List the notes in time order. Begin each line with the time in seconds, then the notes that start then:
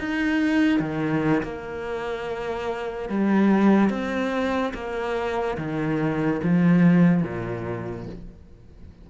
0.00 D#4
0.80 D#3
1.43 A#3
3.09 G3
3.90 C4
4.74 A#3
5.58 D#3
6.44 F3
7.23 A#2